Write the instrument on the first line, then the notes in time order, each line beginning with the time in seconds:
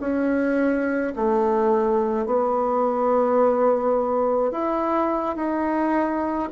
bassoon
0.00 C#4
1.16 A3
2.26 B3
4.52 E4
5.36 D#4